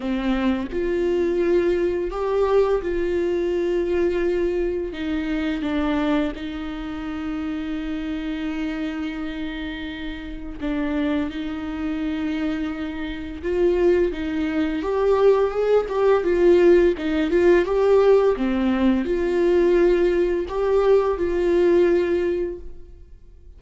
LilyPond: \new Staff \with { instrumentName = "viola" } { \time 4/4 \tempo 4 = 85 c'4 f'2 g'4 | f'2. dis'4 | d'4 dis'2.~ | dis'2. d'4 |
dis'2. f'4 | dis'4 g'4 gis'8 g'8 f'4 | dis'8 f'8 g'4 c'4 f'4~ | f'4 g'4 f'2 | }